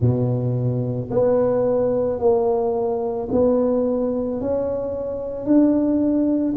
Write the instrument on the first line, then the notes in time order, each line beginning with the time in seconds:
tuba
0.00 B2
1.10 B3
2.19 A#3
3.31 B3
4.40 C#4
5.45 D4